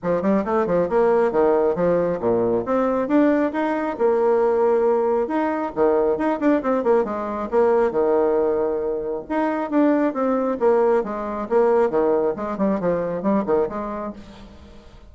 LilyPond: \new Staff \with { instrumentName = "bassoon" } { \time 4/4 \tempo 4 = 136 f8 g8 a8 f8 ais4 dis4 | f4 ais,4 c'4 d'4 | dis'4 ais2. | dis'4 dis4 dis'8 d'8 c'8 ais8 |
gis4 ais4 dis2~ | dis4 dis'4 d'4 c'4 | ais4 gis4 ais4 dis4 | gis8 g8 f4 g8 dis8 gis4 | }